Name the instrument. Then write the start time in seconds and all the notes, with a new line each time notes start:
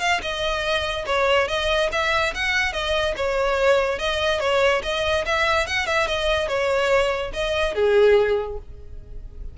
violin
0.00 F5
0.22 D#5
1.06 C#5
1.48 D#5
1.92 E5
2.35 F#5
2.73 D#5
3.16 C#5
3.99 D#5
4.40 C#5
4.83 D#5
5.26 E5
5.67 F#5
5.86 E5
6.07 D#5
6.48 C#5
7.33 D#5
7.75 G#4